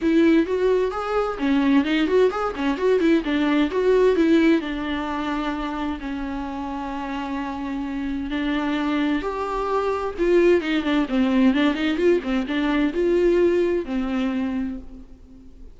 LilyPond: \new Staff \with { instrumentName = "viola" } { \time 4/4 \tempo 4 = 130 e'4 fis'4 gis'4 cis'4 | dis'8 fis'8 gis'8 cis'8 fis'8 e'8 d'4 | fis'4 e'4 d'2~ | d'4 cis'2.~ |
cis'2 d'2 | g'2 f'4 dis'8 d'8 | c'4 d'8 dis'8 f'8 c'8 d'4 | f'2 c'2 | }